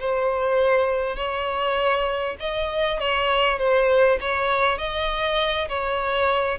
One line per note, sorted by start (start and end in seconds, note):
0.00 1.16 C5
1.16 2.36 C#5
2.40 3.00 D#5
3.00 3.59 C#5
3.59 4.19 C5
4.21 4.78 C#5
4.78 5.68 D#5
5.69 6.59 C#5